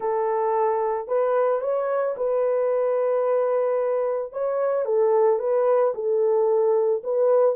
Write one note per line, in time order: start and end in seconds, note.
0.00 1.07 A4
1.07 1.61 B4
1.61 2.15 C#5
2.16 4.32 B4
4.32 4.85 C#5
4.85 5.39 A4
5.39 5.93 B4
5.94 7.02 A4
7.03 7.55 B4